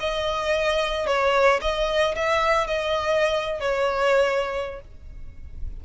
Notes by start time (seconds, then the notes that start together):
0.00 D#5
1.07 C#5
1.61 D#5
2.16 E5
2.67 D#5
3.60 C#5